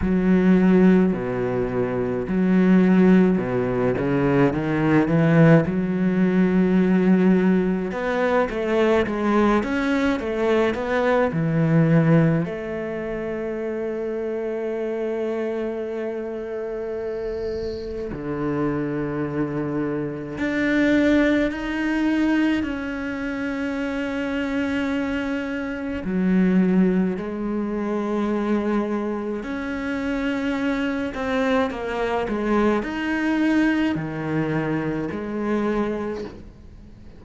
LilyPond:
\new Staff \with { instrumentName = "cello" } { \time 4/4 \tempo 4 = 53 fis4 b,4 fis4 b,8 cis8 | dis8 e8 fis2 b8 a8 | gis8 cis'8 a8 b8 e4 a4~ | a1 |
d2 d'4 dis'4 | cis'2. fis4 | gis2 cis'4. c'8 | ais8 gis8 dis'4 dis4 gis4 | }